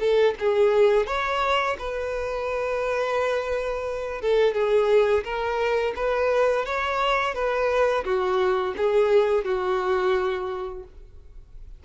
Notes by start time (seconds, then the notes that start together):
0.00 A4
0.40 G#4
1.07 C#5
1.79 B4
4.22 A4
4.54 G#4
5.24 A#4
5.96 B4
6.66 C#5
7.35 B4
8.05 F#4
8.77 G#4
9.45 F#4